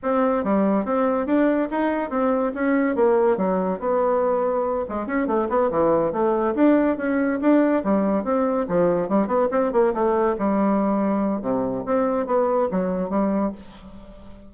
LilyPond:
\new Staff \with { instrumentName = "bassoon" } { \time 4/4 \tempo 4 = 142 c'4 g4 c'4 d'4 | dis'4 c'4 cis'4 ais4 | fis4 b2~ b8 gis8 | cis'8 a8 b8 e4 a4 d'8~ |
d'8 cis'4 d'4 g4 c'8~ | c'8 f4 g8 b8 c'8 ais8 a8~ | a8 g2~ g8 c4 | c'4 b4 fis4 g4 | }